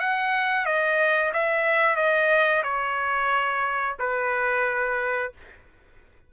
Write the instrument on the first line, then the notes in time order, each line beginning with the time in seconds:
trumpet
0.00 F#5
0.65 D#5
1.33 E5
1.96 D#5
2.63 C#5
3.99 B4